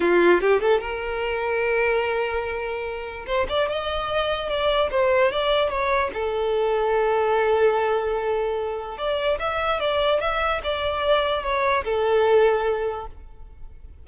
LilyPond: \new Staff \with { instrumentName = "violin" } { \time 4/4 \tempo 4 = 147 f'4 g'8 a'8 ais'2~ | ais'1 | c''8 d''8 dis''2 d''4 | c''4 d''4 cis''4 a'4~ |
a'1~ | a'2 d''4 e''4 | d''4 e''4 d''2 | cis''4 a'2. | }